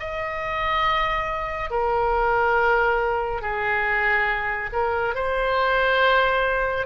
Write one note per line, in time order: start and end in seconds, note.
0.00 1.71 D#5
1.71 3.42 A#4
3.42 4.70 G#4
4.73 5.15 A#4
5.15 6.86 C5